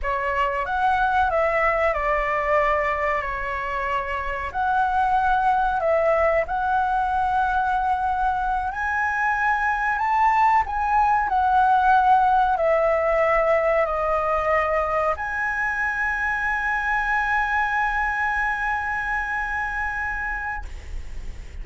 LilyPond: \new Staff \with { instrumentName = "flute" } { \time 4/4 \tempo 4 = 93 cis''4 fis''4 e''4 d''4~ | d''4 cis''2 fis''4~ | fis''4 e''4 fis''2~ | fis''4. gis''2 a''8~ |
a''8 gis''4 fis''2 e''8~ | e''4. dis''2 gis''8~ | gis''1~ | gis''1 | }